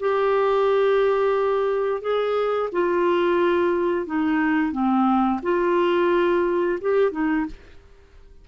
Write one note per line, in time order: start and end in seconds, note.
0.00 2.02 G4
2.02 2.70 G#4
2.72 4.07 F4
4.07 4.72 D#4
4.72 5.40 C4
5.43 6.79 F4
6.81 7.12 G4
7.12 7.46 D#4